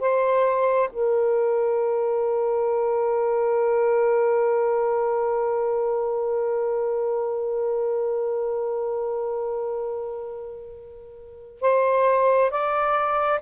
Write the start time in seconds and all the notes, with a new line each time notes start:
0.00 C5
0.93 A#4
11.61 C5
12.51 D5